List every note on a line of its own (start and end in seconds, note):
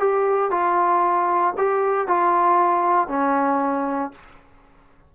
0.00 0.51 G4
0.51 1.54 F4
1.58 2.08 G4
2.08 3.08 F4
3.08 4.12 C#4